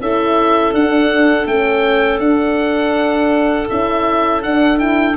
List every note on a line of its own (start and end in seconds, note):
0.00 0.73 C#4
0.00 0.75 E4
0.00 5.17 A4
0.00 0.74 E5
0.73 1.46 D4
0.73 1.48 D4
0.73 1.47 F#5
1.46 2.19 A3
1.46 2.21 C#4
1.46 2.20 G5
2.19 3.67 D4
2.19 3.68 D4
2.19 3.68 F#5
3.68 4.45 C#4
3.68 4.42 E4
3.68 4.42 E5
4.42 4.77 D4
4.42 5.17 D4
4.42 4.79 F#5
4.77 5.14 E4
4.77 5.16 G5